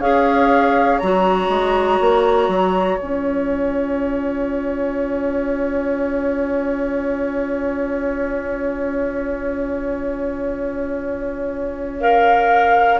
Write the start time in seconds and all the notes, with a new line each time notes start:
0.00 C#4 G#4 C#5 F5
0.99 F#3 F#4 A#5
1.49 G#3
2.01 A#3
2.49 F#3
2.99 C#4 F4 G#5
12.00 A#4 F5